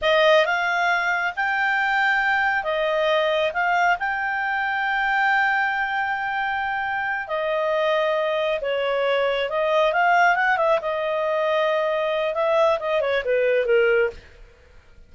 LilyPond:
\new Staff \with { instrumentName = "clarinet" } { \time 4/4 \tempo 4 = 136 dis''4 f''2 g''4~ | g''2 dis''2 | f''4 g''2.~ | g''1~ |
g''8 dis''2. cis''8~ | cis''4. dis''4 f''4 fis''8 | e''8 dis''2.~ dis''8 | e''4 dis''8 cis''8 b'4 ais'4 | }